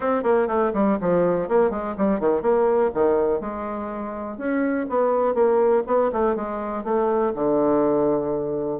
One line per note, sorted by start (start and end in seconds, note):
0.00 0.23 C4
0.23 0.47 A#3
0.47 0.72 A3
0.73 0.98 G3
1.00 1.48 F3
1.48 1.70 A#3
1.70 1.94 G#3
1.97 2.20 G3
2.20 2.42 D#3
2.42 2.90 A#3
2.94 3.40 D#3
3.40 4.37 G#3
4.37 4.86 C#4
4.89 5.34 B3
5.34 5.83 A#3
5.86 6.11 B3
6.12 6.35 A3
6.35 6.84 G#3
6.84 7.33 A3
7.34 8.80 D3